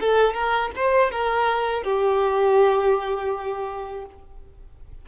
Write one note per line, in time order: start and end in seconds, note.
0.00 0.34 A4
0.34 0.71 A#4
0.75 1.11 C5
1.11 1.83 A#4
1.83 4.05 G4